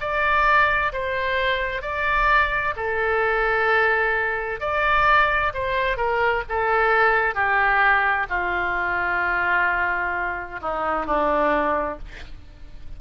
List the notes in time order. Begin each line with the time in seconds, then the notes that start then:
0.00 D5
0.93 C5
1.82 D5
2.76 A4
4.60 D5
5.54 C5
5.97 A#4
6.49 A4
7.34 G4
8.29 F4
10.62 D#4
11.06 D4